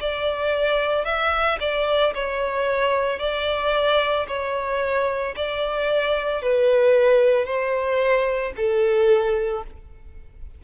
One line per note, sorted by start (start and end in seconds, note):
0.00 1.05 D5
1.05 1.59 E5
1.60 2.14 D5
2.15 3.19 C#5
3.19 4.27 D5
4.28 5.35 C#5
5.36 6.42 D5
6.42 7.46 B4
7.46 8.53 C5
8.57 9.64 A4